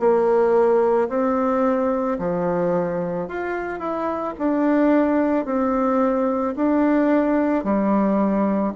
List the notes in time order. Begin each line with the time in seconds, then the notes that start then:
0.00 A#3
1.10 C4
2.19 F3
3.28 F4
3.80 E4
4.39 D4
5.46 C4
6.56 D4
7.65 G3